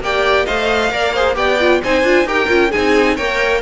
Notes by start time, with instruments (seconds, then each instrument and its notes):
0.00 cello A#3, viola G4, violin D5 G5
0.46 cello A3, viola C5, violin D#5 F5
0.91 cello A#3, viola A#4, violin D5
1.14 viola G#4, violin C5
1.35 cello B3, viola G4, violin D5 G5
1.60 viola F4
1.83 cello C4, viola D#4, violin C5 G#5
2.03 cello D4, viola F4
2.24 cello D#4, viola G4, violin A#4 G5
2.48 cello C#4, viola F4
2.71 cello C4, viola D#4, violin G#4 G#5
3.16 cello A#3, viola A#4, violin C#5 G5